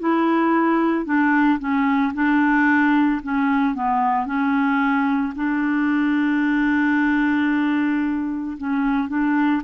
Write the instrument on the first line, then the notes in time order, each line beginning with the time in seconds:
clarinet
0.00 E4
1.06 D4
1.59 C#4
2.15 D4
3.23 C#4
3.75 B3
4.27 C#4
5.36 D4
8.58 C#4
9.09 D4